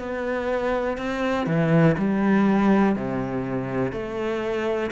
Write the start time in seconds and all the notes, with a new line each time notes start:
0.00 B3
0.98 C4
1.47 E3
1.98 G3
2.96 C3
3.93 A3